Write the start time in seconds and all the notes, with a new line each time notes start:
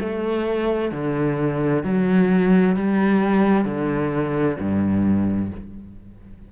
0.00 A3
0.92 D3
1.84 F#3
2.76 G3
3.65 D3
4.59 G2